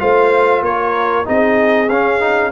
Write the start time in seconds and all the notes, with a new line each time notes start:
0.00 A3 F4 C5 F5
0.62 A#3 A#4 C#5
1.25 C4 D#4 G#4 D#5
1.89 C#4 F5
2.20 D#4